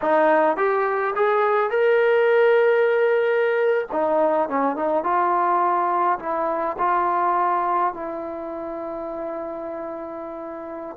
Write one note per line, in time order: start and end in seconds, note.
0.01 0.56 D#4
0.56 1.14 G4
1.15 1.70 G#4
1.70 3.87 A#4
3.92 4.48 D#4
4.48 4.75 C#4
4.75 5.03 D#4
5.03 6.19 F4
6.19 6.77 E4
6.78 7.93 F4
7.93 10.96 E4